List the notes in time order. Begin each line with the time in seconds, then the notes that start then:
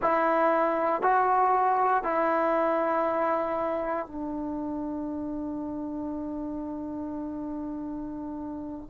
0.01 E4
1.02 F#4
2.03 E4
4.06 D4